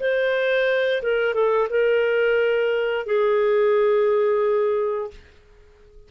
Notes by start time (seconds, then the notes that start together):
0.00 C5
1.03 A#4
1.34 A4
1.70 A#4
3.06 G#4